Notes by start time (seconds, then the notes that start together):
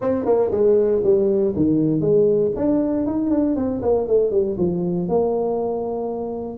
0.01 C4
0.25 A#3
0.51 G#3
1.03 G3
1.55 D#3
2.00 G#3
2.56 D4
3.06 D#4
3.30 D4
3.55 C4
3.81 A#3
4.07 A3
4.31 G3
4.57 F3
5.08 A#3